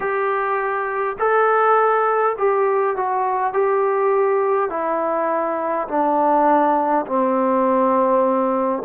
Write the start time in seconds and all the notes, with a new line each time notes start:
0.00 G4
1.18 A4
2.37 G4
2.96 F#4
3.53 G4
4.70 E4
5.88 D4
7.06 C4